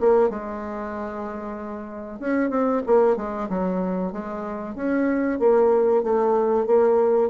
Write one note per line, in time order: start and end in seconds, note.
0.00 0.30 A#3
0.30 2.20 G#3
2.20 2.50 C#4
2.50 2.82 C4
2.86 3.17 A#3
3.17 3.48 G#3
3.49 4.12 F#3
4.12 4.75 G#3
4.75 5.39 C#4
5.39 6.03 A#3
6.03 6.67 A3
6.67 7.30 A#3